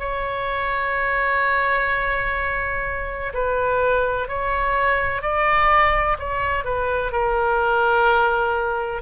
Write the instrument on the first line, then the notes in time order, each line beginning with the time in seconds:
oboe
0.00 C#5
3.34 B4
4.29 C#5
5.23 D5
6.19 C#5
6.65 B4
7.13 A#4